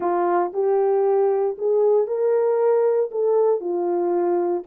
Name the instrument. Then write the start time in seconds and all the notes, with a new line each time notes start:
horn
0.00 F4
0.53 G4
1.58 G#4
2.07 A#4
3.11 A4
3.60 F4